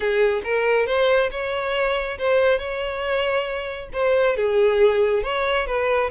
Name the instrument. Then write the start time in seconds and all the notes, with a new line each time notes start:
violin
0.00 G#4
0.43 A#4
0.86 C5
1.31 C#5
2.18 C5
2.58 C#5
3.92 C5
4.36 G#4
5.23 C#5
5.66 B4